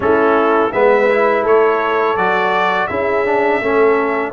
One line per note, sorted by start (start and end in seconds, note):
0.00 0.70 A3
0.00 0.70 C#4
0.00 0.72 E4
0.00 0.72 A4
0.72 1.44 G#3
0.72 1.09 B3
0.72 1.43 B4
0.72 1.44 E5
1.10 2.17 E4
1.43 2.16 A3
1.43 2.88 A4
1.43 2.17 C#5
2.16 2.88 F#3
2.16 2.89 F#4
2.16 2.87 D5
2.87 3.61 C#4
2.87 3.25 E4
2.87 3.61 G#4
2.87 4.31 E5
3.25 3.61 D4
3.61 4.32 A3
3.61 4.32 C#4
3.61 4.32 A4